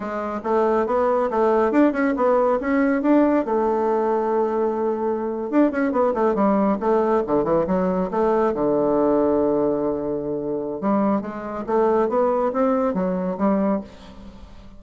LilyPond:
\new Staff \with { instrumentName = "bassoon" } { \time 4/4 \tempo 4 = 139 gis4 a4 b4 a4 | d'8 cis'8 b4 cis'4 d'4 | a1~ | a8. d'8 cis'8 b8 a8 g4 a16~ |
a8. d8 e8 fis4 a4 d16~ | d1~ | d4 g4 gis4 a4 | b4 c'4 fis4 g4 | }